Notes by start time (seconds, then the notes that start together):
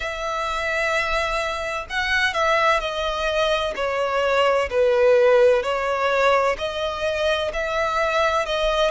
0.00 E5
1.89 F#5
2.34 E5
2.80 D#5
3.75 C#5
4.70 B4
5.62 C#5
6.58 D#5
7.53 E5
8.45 D#5